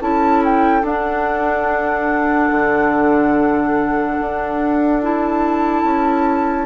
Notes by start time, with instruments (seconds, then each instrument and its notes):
0.00 bassoon C#4, clarinet E4, oboe A4, flute A5
0.44 flute G5
0.82 clarinet D4, bassoon D4, flute F#5
2.50 bassoon D3
4.20 bassoon D4
5.02 clarinet E4, flute A5
5.83 bassoon C#4